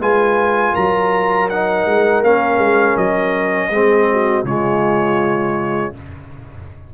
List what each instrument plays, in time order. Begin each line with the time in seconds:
0.00 tuba G#3, trombone F4, horn B4, trumpet G#5
0.73 tuba F#3, horn A#4, trumpet A#5
1.49 trombone D#4, trumpet F#5
1.86 tuba G#3
2.23 tuba A#3, trombone C#4, trumpet F5
2.58 tuba G#3
2.97 tuba F#3, trumpet D#5
3.70 tuba G#3, trombone C4, horn G#4
4.11 horn F#4
4.44 tuba C#3, trombone G#3, horn F4, trumpet C#5